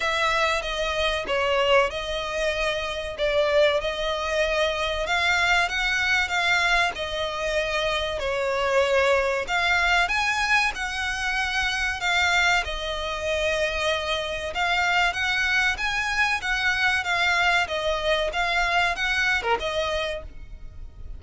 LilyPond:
\new Staff \with { instrumentName = "violin" } { \time 4/4 \tempo 4 = 95 e''4 dis''4 cis''4 dis''4~ | dis''4 d''4 dis''2 | f''4 fis''4 f''4 dis''4~ | dis''4 cis''2 f''4 |
gis''4 fis''2 f''4 | dis''2. f''4 | fis''4 gis''4 fis''4 f''4 | dis''4 f''4 fis''8. ais'16 dis''4 | }